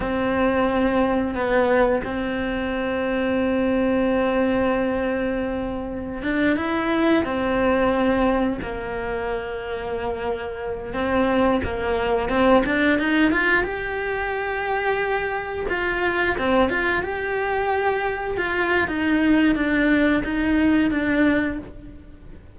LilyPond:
\new Staff \with { instrumentName = "cello" } { \time 4/4 \tempo 4 = 89 c'2 b4 c'4~ | c'1~ | c'4~ c'16 d'8 e'4 c'4~ c'16~ | c'8. ais2.~ ais16~ |
ais16 c'4 ais4 c'8 d'8 dis'8 f'16~ | f'16 g'2. f'8.~ | f'16 c'8 f'8 g'2 f'8. | dis'4 d'4 dis'4 d'4 | }